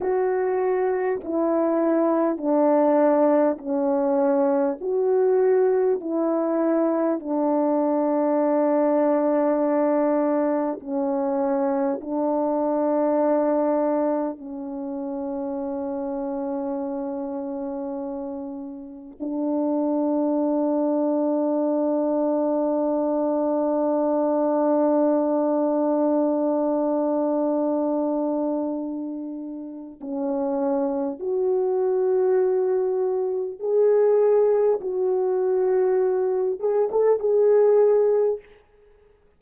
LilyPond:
\new Staff \with { instrumentName = "horn" } { \time 4/4 \tempo 4 = 50 fis'4 e'4 d'4 cis'4 | fis'4 e'4 d'2~ | d'4 cis'4 d'2 | cis'1 |
d'1~ | d'1~ | d'4 cis'4 fis'2 | gis'4 fis'4. gis'16 a'16 gis'4 | }